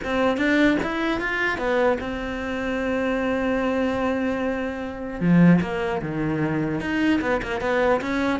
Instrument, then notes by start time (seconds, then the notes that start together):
cello
0.03 C4
0.37 D4
0.82 E4
1.20 F4
1.57 B3
2.00 C4
5.20 F3
5.61 A#3
6.01 D#3
6.80 D#4
7.21 B3
7.42 A#3
7.60 B3
8.01 C#4